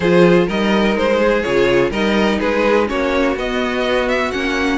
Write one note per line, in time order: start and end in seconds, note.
0.00 0.47 F3
0.00 0.48 F4
0.00 0.47 G#4
0.00 0.48 C5
0.47 0.96 G3
0.47 1.44 D#4
0.47 1.18 A#4
0.47 0.97 D#5
0.96 1.44 G#3
0.96 1.42 C5
1.18 1.90 G#4
1.42 1.90 C#3
1.42 1.91 F4
1.42 1.90 C#5
1.90 2.38 G3
1.90 2.86 D#4
1.90 2.38 A#4
1.90 2.39 D#5
2.39 2.90 G#3
2.39 2.87 G#4
2.39 2.87 B4
2.86 3.36 A#3
2.86 3.34 C#4
2.86 4.78 F#4
2.86 3.37 C#5
3.36 4.32 B3
3.36 4.08 D#5
4.08 4.31 E5
4.31 4.78 A#3
4.31 4.78 C#4
4.31 4.78 F#5